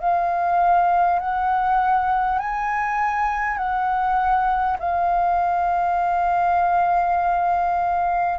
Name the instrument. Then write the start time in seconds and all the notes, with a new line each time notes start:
flute
0.00 F5
1.19 F#5
2.39 G#5
3.57 F#5
4.79 F5